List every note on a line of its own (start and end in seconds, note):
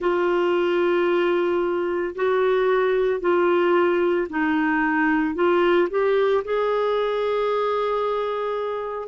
0.00 2.14 F4
2.15 3.20 F#4
3.20 4.27 F4
4.29 5.35 D#4
5.35 5.88 F4
5.90 6.43 G4
6.44 9.08 G#4